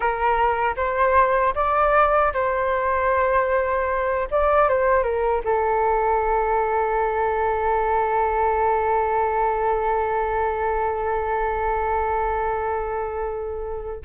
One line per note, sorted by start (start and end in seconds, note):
0.00 0.75 A#4
0.76 1.54 C5
1.54 2.32 D5
2.33 4.28 C5
4.31 4.69 D5
4.69 5.03 C5
5.03 5.42 A#4
5.44 14.01 A4